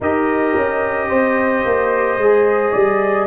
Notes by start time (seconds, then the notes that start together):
0.00 D#4 G4 A#4 D#5
0.55 C#4
1.08 C4 C5
1.65 A#3
2.17 G#3 G#4
2.71 G3 D5